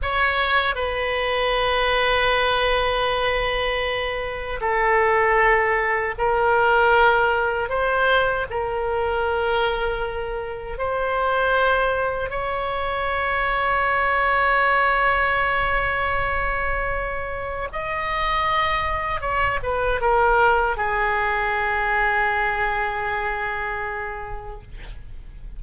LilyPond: \new Staff \with { instrumentName = "oboe" } { \time 4/4 \tempo 4 = 78 cis''4 b'2.~ | b'2 a'2 | ais'2 c''4 ais'4~ | ais'2 c''2 |
cis''1~ | cis''2. dis''4~ | dis''4 cis''8 b'8 ais'4 gis'4~ | gis'1 | }